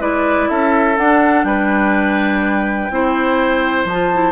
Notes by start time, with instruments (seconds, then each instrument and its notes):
0.00 bassoon G#3, clarinet E4, oboe B4, flute D5
0.49 bassoon C#4, oboe A4, flute E5
0.98 bassoon D4, clarinet D4, flute F#5
1.44 bassoon G3, oboe B4, flute G5
2.91 bassoon C4, clarinet E4, oboe C5
3.85 bassoon F3, flute A5
3.91 clarinet F4
4.14 clarinet E4